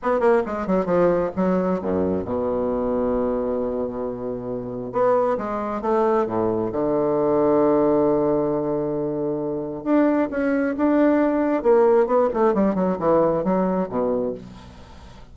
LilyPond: \new Staff \with { instrumentName = "bassoon" } { \time 4/4 \tempo 4 = 134 b8 ais8 gis8 fis8 f4 fis4 | fis,4 b,2.~ | b,2. b4 | gis4 a4 a,4 d4~ |
d1~ | d2 d'4 cis'4 | d'2 ais4 b8 a8 | g8 fis8 e4 fis4 b,4 | }